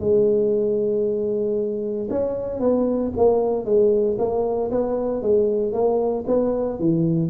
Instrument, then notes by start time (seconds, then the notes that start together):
tuba
0.00 G#3
2.10 C#4
2.60 B3
3.17 A#3
3.65 G#3
4.19 A#3
4.71 B3
5.23 G#3
5.73 A#3
6.28 B3
6.80 E3